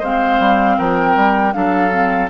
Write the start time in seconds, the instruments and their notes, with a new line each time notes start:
0.00 bassoon G#3, clarinet C4, oboe C5, flute F5
0.39 bassoon G3
0.78 bassoon F3, oboe A#4, flute G5
1.16 bassoon G3
1.53 bassoon F#3, clarinet D4, oboe A4, flute F5
1.91 clarinet C4